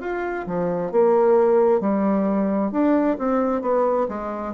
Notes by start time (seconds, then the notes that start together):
0.00 F4
0.46 F3
0.91 A#3
1.80 G3
2.71 D4
3.18 C4
3.61 B3
4.08 G#3